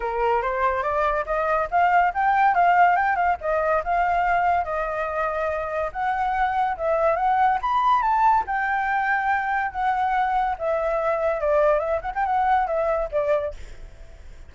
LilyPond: \new Staff \with { instrumentName = "flute" } { \time 4/4 \tempo 4 = 142 ais'4 c''4 d''4 dis''4 | f''4 g''4 f''4 g''8 f''8 | dis''4 f''2 dis''4~ | dis''2 fis''2 |
e''4 fis''4 b''4 a''4 | g''2. fis''4~ | fis''4 e''2 d''4 | e''8 fis''16 g''16 fis''4 e''4 d''4 | }